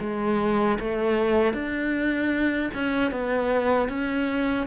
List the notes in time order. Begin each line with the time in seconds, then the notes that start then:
0.00 G#3
0.79 A3
1.53 D4
2.73 C#4
3.11 B3
3.88 C#4